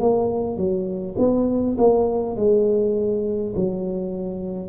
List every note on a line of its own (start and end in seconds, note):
0.00 0.57 A#3
0.57 1.16 F#3
1.19 1.78 B3
1.78 2.36 A#3
2.36 3.54 G#3
3.56 4.70 F#3